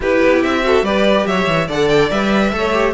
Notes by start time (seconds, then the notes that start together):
0.00 E4 G4 B4
0.23 B3
0.43 C4 E5
0.63 F#4 A4
0.82 G3 G4 B4 D5
1.25 F#3 C#5 E5
1.47 E3
1.67 D3 A4 D5 F#5
1.88 G5
2.10 G3 B4 E5
2.52 A3 A4 C#5
2.72 G4